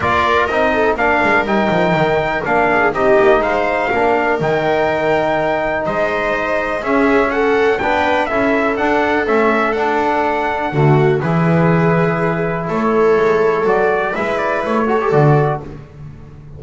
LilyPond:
<<
  \new Staff \with { instrumentName = "trumpet" } { \time 4/4 \tempo 4 = 123 d''4 dis''4 f''4 g''4~ | g''4 f''4 dis''4 f''4~ | f''4 g''2. | dis''2 e''4 fis''4 |
g''4 e''4 fis''4 e''4 | fis''2. b'4~ | b'2 cis''2 | d''4 e''8 d''8 cis''4 d''4 | }
  \new Staff \with { instrumentName = "viola" } { \time 4/4 ais'4. a'8 ais'2~ | ais'4. gis'8 g'4 c''4 | ais'1 | c''2 gis'4 a'4 |
b'4 a'2.~ | a'2 fis'4 gis'4~ | gis'2 a'2~ | a'4 b'4. a'4. | }
  \new Staff \with { instrumentName = "trombone" } { \time 4/4 f'4 dis'4 d'4 dis'4~ | dis'4 d'4 dis'2 | d'4 dis'2.~ | dis'2 cis'2 |
d'4 e'4 d'4 cis'4 | d'2 a4 e'4~ | e'1 | fis'4 e'4. fis'16 g'16 fis'4 | }
  \new Staff \with { instrumentName = "double bass" } { \time 4/4 ais4 c'4 ais8 gis8 g8 f8 | dis4 ais4 c'8 ais8 gis4 | ais4 dis2. | gis2 cis'2 |
b4 cis'4 d'4 a4 | d'2 d4 e4~ | e2 a4 gis4 | fis4 gis4 a4 d4 | }
>>